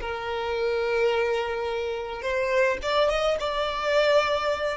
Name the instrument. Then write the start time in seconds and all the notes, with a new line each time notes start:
violin
0.00 A#4
2.21 C5
2.82 D5
3.09 D#5
3.40 D5